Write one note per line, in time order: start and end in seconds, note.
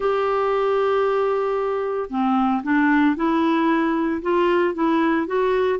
0.00 2.09 G4
2.09 2.62 C4
2.63 3.16 D4
3.16 4.21 E4
4.22 4.74 F4
4.74 5.26 E4
5.26 5.79 F#4